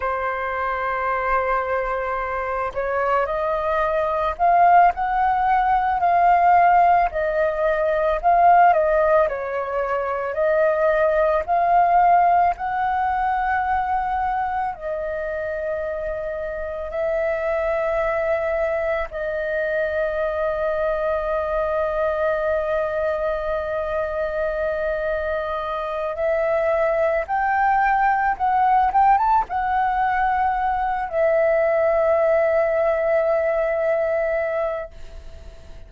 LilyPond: \new Staff \with { instrumentName = "flute" } { \time 4/4 \tempo 4 = 55 c''2~ c''8 cis''8 dis''4 | f''8 fis''4 f''4 dis''4 f''8 | dis''8 cis''4 dis''4 f''4 fis''8~ | fis''4. dis''2 e''8~ |
e''4. dis''2~ dis''8~ | dis''1 | e''4 g''4 fis''8 g''16 a''16 fis''4~ | fis''8 e''2.~ e''8 | }